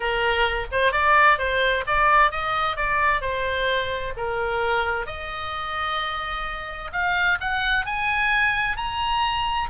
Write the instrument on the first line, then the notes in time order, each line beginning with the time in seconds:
oboe
0.00 A#4
0.71 C5
0.92 D5
1.38 C5
1.87 D5
2.31 D#5
2.76 D5
3.21 C5
4.16 A#4
5.06 D#5
6.92 F5
7.40 F#5
7.85 G#5
8.77 A#5